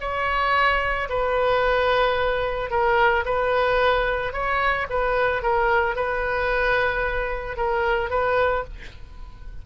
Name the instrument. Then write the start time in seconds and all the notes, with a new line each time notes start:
oboe
0.00 C#5
1.09 B4
2.70 A#4
3.25 B4
4.32 C#5
4.89 B4
5.42 A#4
5.95 B4
7.57 A#4
8.10 B4